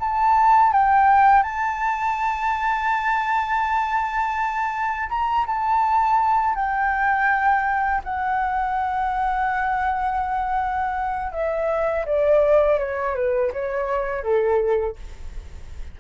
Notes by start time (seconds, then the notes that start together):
0.00 A5
0.73 G5
1.43 A5
5.09 A#5
5.46 A5
6.55 G5
8.04 F#5
11.32 E5
12.06 D5
12.79 C#5
13.15 B4
13.53 C#5
14.23 A4